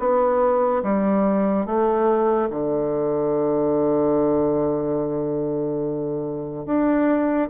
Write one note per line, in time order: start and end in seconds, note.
0.00 0.83 B3
0.84 1.66 G3
1.66 2.49 A3
2.51 6.66 D3
6.66 7.50 D4